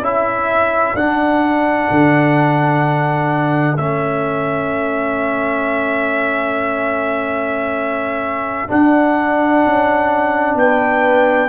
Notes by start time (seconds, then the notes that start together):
0.00 C#4 E4 A4 E5
0.95 D4 F#5
1.91 D3
3.77 A3 C#4 E5
8.68 D4 F#5
9.66 C#4
10.55 B3 B4 G5